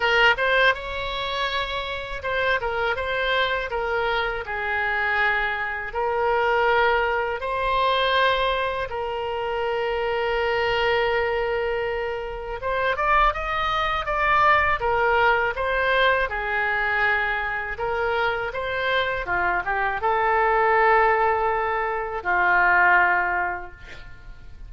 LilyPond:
\new Staff \with { instrumentName = "oboe" } { \time 4/4 \tempo 4 = 81 ais'8 c''8 cis''2 c''8 ais'8 | c''4 ais'4 gis'2 | ais'2 c''2 | ais'1~ |
ais'4 c''8 d''8 dis''4 d''4 | ais'4 c''4 gis'2 | ais'4 c''4 f'8 g'8 a'4~ | a'2 f'2 | }